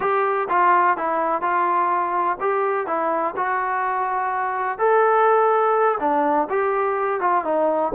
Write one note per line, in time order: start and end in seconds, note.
0.00 0.48 G4
0.49 0.97 F4
0.97 1.41 E4
1.41 2.37 F4
2.40 2.87 G4
2.87 3.35 E4
3.36 4.78 F#4
4.78 5.98 A4
6.00 6.48 D4
6.49 7.20 G4
7.20 7.44 F4
7.44 7.92 D#4